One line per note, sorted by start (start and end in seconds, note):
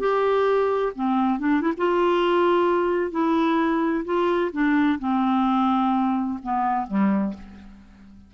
0.00 0.93 G4
0.96 1.39 C4
1.39 1.62 D4
1.62 1.73 E4
1.77 3.11 F4
3.11 4.04 E4
4.05 4.52 F4
4.52 4.99 D4
4.99 6.39 C4
6.43 6.87 B3
6.87 7.34 G3